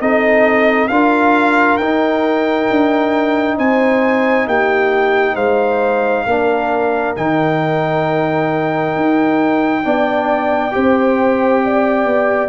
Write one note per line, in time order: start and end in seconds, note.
0.00 0.90 C4
0.00 0.90 D#4
0.00 0.90 A4
0.00 0.88 D#5
0.88 1.79 D4
0.88 1.80 F4
0.88 3.57 A#4
0.88 1.77 F5
1.77 2.69 D#4
1.77 6.28 D#4
1.77 3.56 G5
2.70 3.58 D4
3.57 4.46 C4
3.57 4.47 C5
3.57 4.48 G#5
4.46 5.36 A#3
4.46 5.34 G4
4.46 5.35 G5
5.34 6.25 G#3
5.34 6.24 C5
5.34 7.15 F5
6.26 7.15 A#3
6.26 7.17 D4
6.26 9.84 A#4
7.16 8.96 D#3
7.16 9.83 D#4
7.16 12.48 G5
8.96 9.85 D#4
9.83 10.75 B3
9.83 10.71 D4
9.83 10.74 D5
10.71 12.05 C4
10.71 12.48 G4
10.71 11.63 C5
11.64 12.48 D5
12.05 12.48 B3